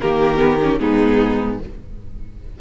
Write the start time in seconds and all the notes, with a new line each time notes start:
0.00 D#3 A#3 G4 A#4
0.38 B3
0.62 C#4
0.79 G#2 B3 D#4 G#4